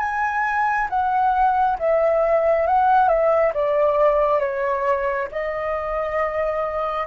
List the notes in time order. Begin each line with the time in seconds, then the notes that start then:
0.00 G#5
0.90 F#5
1.79 E5
2.67 F#5
3.09 E5
3.54 D5
4.40 C#5
5.32 D#5